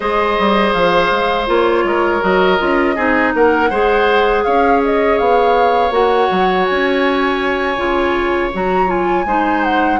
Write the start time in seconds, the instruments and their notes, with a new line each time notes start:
0.00 bassoon G#3, clarinet G#4, oboe C5, flute D#5
0.38 bassoon G3
0.73 bassoon F3, flute F5
1.11 bassoon G#3
1.46 bassoon A#3, clarinet F4, flute C#5
1.83 bassoon G#3, oboe A#4
2.20 bassoon F#3, clarinet F#4, flute D#5
2.58 bassoon C#4, clarinet F4
2.95 bassoon C4, clarinet D#4, oboe G#4
3.33 bassoon A#3, oboe A#4, flute F#5
3.70 bassoon G#3, clarinet G#4, oboe C5
4.43 bassoon C#4, oboe C#5, flute F5
4.84 flute D#5
5.17 bassoon B3, flute F5
5.90 bassoon A#3, clarinet F#4, flute F#5
6.31 bassoon F#3
6.65 bassoon C#4, flute G#5
7.76 bassoon C#3, clarinet F4
8.53 bassoon F#3, clarinet F#4, flute A#5
8.87 clarinet F4, flute G#5
9.25 bassoon G#3, clarinet D#4, oboe C5
9.63 flute F#5